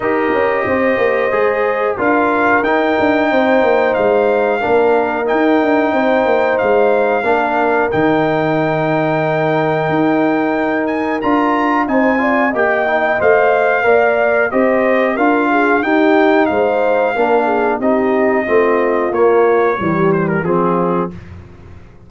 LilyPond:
<<
  \new Staff \with { instrumentName = "trumpet" } { \time 4/4 \tempo 4 = 91 dis''2. f''4 | g''2 f''2 | g''2 f''2 | g''1~ |
g''8 gis''8 ais''4 gis''4 g''4 | f''2 dis''4 f''4 | g''4 f''2 dis''4~ | dis''4 cis''4. c''16 ais'16 gis'4 | }
  \new Staff \with { instrumentName = "horn" } { \time 4/4 ais'4 c''2 ais'4~ | ais'4 c''2 ais'4~ | ais'4 c''2 ais'4~ | ais'1~ |
ais'2 c''8 d''8 dis''4~ | dis''4 d''4 c''4 ais'8 gis'8 | g'4 c''4 ais'8 gis'8 g'4 | f'2 g'4 f'4 | }
  \new Staff \with { instrumentName = "trombone" } { \time 4/4 g'2 gis'4 f'4 | dis'2. d'4 | dis'2. d'4 | dis'1~ |
dis'4 f'4 dis'8 f'8 g'8 dis'8 | c''4 ais'4 g'4 f'4 | dis'2 d'4 dis'4 | c'4 ais4 g4 c'4 | }
  \new Staff \with { instrumentName = "tuba" } { \time 4/4 dis'8 cis'8 c'8 ais8 gis4 d'4 | dis'8 d'8 c'8 ais8 gis4 ais4 | dis'8 d'8 c'8 ais8 gis4 ais4 | dis2. dis'4~ |
dis'4 d'4 c'4 ais4 | a4 ais4 c'4 d'4 | dis'4 gis4 ais4 c'4 | a4 ais4 e4 f4 | }
>>